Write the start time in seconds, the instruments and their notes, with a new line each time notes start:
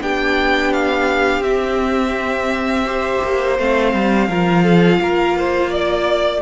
0.00 cello B3, viola D4, violin G4 G5
0.73 violin F5
1.39 cello C4, viola C4, violin E5
2.85 viola G4, violin C5
3.23 cello A#3
3.58 cello A3, viola C4, violin F5
3.93 cello G3
4.28 cello F3, viola F4, violin A#4
4.63 violin A4
4.99 cello A#3, violin A#4
5.38 violin C5
5.70 violin D5